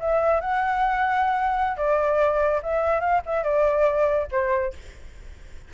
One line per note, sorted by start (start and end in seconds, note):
0.00 0.41 E5
0.41 1.77 F#5
1.77 2.61 D5
2.63 3.00 E5
3.00 3.21 F5
3.26 3.43 E5
3.43 4.27 D5
4.32 4.74 C5